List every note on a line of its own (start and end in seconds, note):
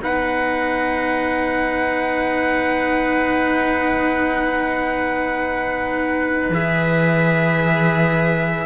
0.00 6.50 B3
0.00 6.52 D#4
0.00 8.66 B4
0.00 6.54 F#5
6.50 8.66 E3
6.50 8.66 G#4
6.50 8.66 E5